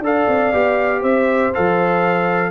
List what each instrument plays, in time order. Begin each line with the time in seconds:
0.00 tuba D4, trombone A4, horn D5, trumpet F5
0.28 tuba C4
0.53 tuba B3, trombone G4
1.00 tuba C4, horn C5, trumpet E5
1.54 tuba F3, trombone A4, trumpet F5